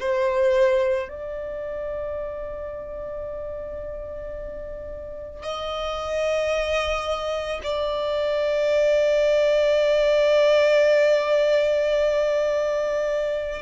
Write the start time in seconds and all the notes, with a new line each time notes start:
0.00 C5
1.09 D5
5.42 D#5
7.63 D5